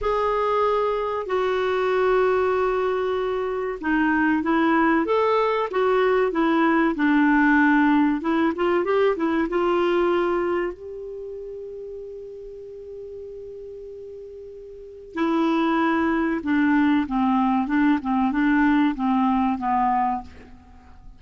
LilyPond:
\new Staff \with { instrumentName = "clarinet" } { \time 4/4 \tempo 4 = 95 gis'2 fis'2~ | fis'2 dis'4 e'4 | a'4 fis'4 e'4 d'4~ | d'4 e'8 f'8 g'8 e'8 f'4~ |
f'4 g'2.~ | g'1 | e'2 d'4 c'4 | d'8 c'8 d'4 c'4 b4 | }